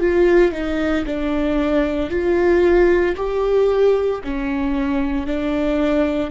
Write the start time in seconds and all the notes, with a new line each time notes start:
0.00 F4
0.52 D#4
1.05 D4
2.10 F4
3.16 G4
4.23 C#4
5.26 D4